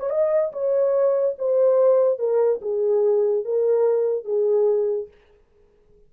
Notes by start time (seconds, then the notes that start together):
0.00 C#5
0.11 D#5
0.53 C#5
1.39 C5
2.20 A#4
2.62 G#4
3.45 A#4
4.25 G#4